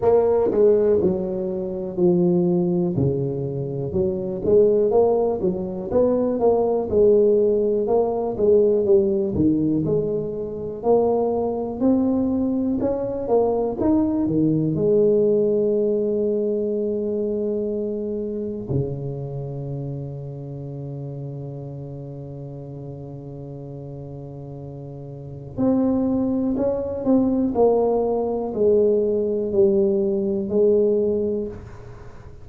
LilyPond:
\new Staff \with { instrumentName = "tuba" } { \time 4/4 \tempo 4 = 61 ais8 gis8 fis4 f4 cis4 | fis8 gis8 ais8 fis8 b8 ais8 gis4 | ais8 gis8 g8 dis8 gis4 ais4 | c'4 cis'8 ais8 dis'8 dis8 gis4~ |
gis2. cis4~ | cis1~ | cis2 c'4 cis'8 c'8 | ais4 gis4 g4 gis4 | }